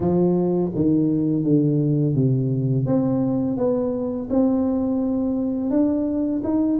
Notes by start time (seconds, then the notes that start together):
0.00 F3
0.75 D#3
1.43 D3
2.15 C3
2.85 C4
3.57 B3
4.30 C4
5.70 D4
6.44 D#4